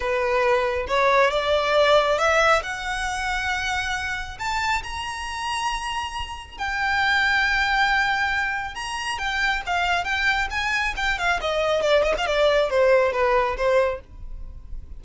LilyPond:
\new Staff \with { instrumentName = "violin" } { \time 4/4 \tempo 4 = 137 b'2 cis''4 d''4~ | d''4 e''4 fis''2~ | fis''2 a''4 ais''4~ | ais''2. g''4~ |
g''1 | ais''4 g''4 f''4 g''4 | gis''4 g''8 f''8 dis''4 d''8 dis''16 f''16 | d''4 c''4 b'4 c''4 | }